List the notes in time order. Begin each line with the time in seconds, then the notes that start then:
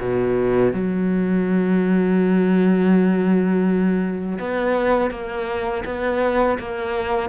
0.00 B2
0.73 F#3
4.39 B3
5.11 A#3
5.85 B3
6.59 A#3